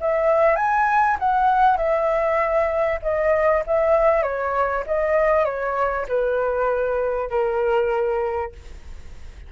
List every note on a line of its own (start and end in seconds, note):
0.00 0.55 E5
0.55 1.17 G#5
1.19 1.77 F#5
1.77 2.99 E5
3.02 3.63 D#5
3.66 4.22 E5
4.22 4.83 C#5
4.86 5.45 D#5
5.45 6.06 C#5
6.08 7.30 B4
7.30 8.52 A#4